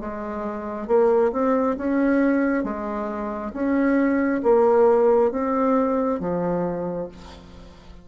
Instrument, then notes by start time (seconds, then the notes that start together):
bassoon
0.00 G#3
0.87 A#3
1.32 C4
1.78 C#4
2.64 G#3
3.53 C#4
4.43 A#3
5.31 C4
6.20 F3